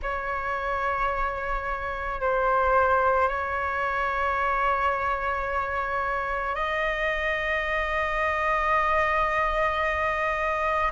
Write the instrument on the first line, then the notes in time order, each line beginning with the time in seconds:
flute
0.02 C#5
2.20 C5
3.28 C#5
6.55 D#5